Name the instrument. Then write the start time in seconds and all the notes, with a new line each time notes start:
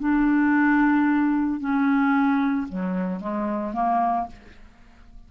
clarinet
0.00 D4
1.60 C#4
2.69 F#3
3.21 G#3
3.74 A#3